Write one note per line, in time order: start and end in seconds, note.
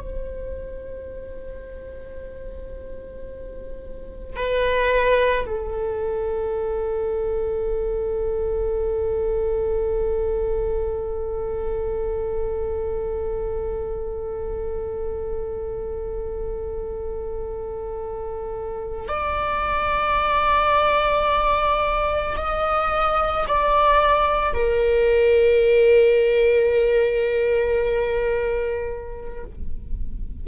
0.00 4.36 C5
4.36 5.45 B4
5.46 19.09 A4
19.09 22.36 D5
22.37 23.46 D#5
23.47 24.54 D5
24.54 29.44 A#4